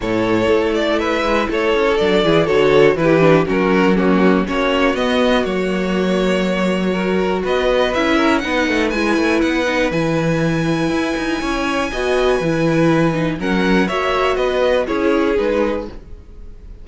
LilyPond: <<
  \new Staff \with { instrumentName = "violin" } { \time 4/4 \tempo 4 = 121 cis''4. d''8 e''4 cis''4 | d''4 cis''4 b'4 ais'4 | fis'4 cis''4 dis''4 cis''4~ | cis''2. dis''4 |
e''4 fis''4 gis''4 fis''4 | gis''1~ | gis''2. fis''4 | e''4 dis''4 cis''4 b'4 | }
  \new Staff \with { instrumentName = "violin" } { \time 4/4 a'2 b'4 a'4~ | a'8 gis'8 a'4 g'4 fis'4 | cis'4 fis'2.~ | fis'2 ais'4 b'4~ |
b'8 ais'8 b'2.~ | b'2. cis''4 | dis''4 b'2 ais'4 | cis''4 b'4 gis'2 | }
  \new Staff \with { instrumentName = "viola" } { \time 4/4 e'1 | d'8 e'8 fis'4 e'8 d'8 cis'4 | ais4 cis'4 b4 ais4~ | ais2 fis'2 |
e'4 dis'4 e'4. dis'8 | e'1 | fis'4 e'4. dis'8 cis'4 | fis'2 e'4 dis'4 | }
  \new Staff \with { instrumentName = "cello" } { \time 4/4 a,4 a4. gis8 a8 cis'8 | fis8 e8 d4 e4 fis4~ | fis4 ais4 b4 fis4~ | fis2. b4 |
cis'4 b8 a8 gis8 a8 b4 | e2 e'8 dis'8 cis'4 | b4 e2 fis4 | ais4 b4 cis'4 gis4 | }
>>